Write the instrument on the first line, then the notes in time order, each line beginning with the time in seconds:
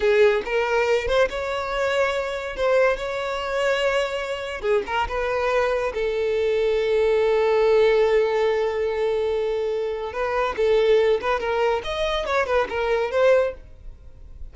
violin
0.00 G#4
0.45 A#4
1.07 C5
1.29 C#5
2.56 C5
2.96 C#5
4.61 G#4
4.86 A#4
5.08 B4
5.93 A4
10.13 B4
10.57 A4
11.21 B4
11.40 A#4
11.83 D#5
12.25 C#5
12.46 B4
12.69 A#4
13.11 C5